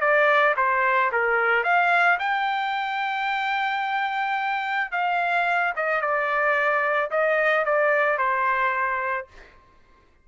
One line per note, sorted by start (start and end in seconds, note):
0.00 0.55 D5
0.56 1.11 C5
1.12 1.63 A#4
1.63 2.18 F5
2.19 4.91 G5
4.91 5.73 F5
5.76 6.01 D#5
6.01 7.10 D5
7.10 7.65 D#5
7.65 8.18 D5
8.18 9.27 C5